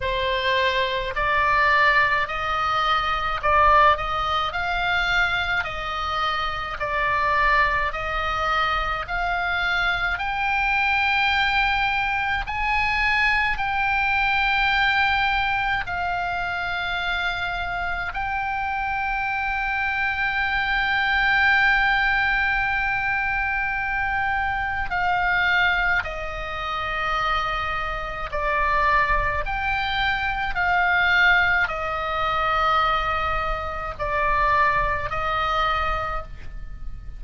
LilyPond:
\new Staff \with { instrumentName = "oboe" } { \time 4/4 \tempo 4 = 53 c''4 d''4 dis''4 d''8 dis''8 | f''4 dis''4 d''4 dis''4 | f''4 g''2 gis''4 | g''2 f''2 |
g''1~ | g''2 f''4 dis''4~ | dis''4 d''4 g''4 f''4 | dis''2 d''4 dis''4 | }